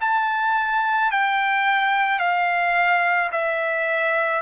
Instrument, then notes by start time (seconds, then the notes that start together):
trumpet
0.00 A5
1.11 G5
2.19 F5
3.31 E5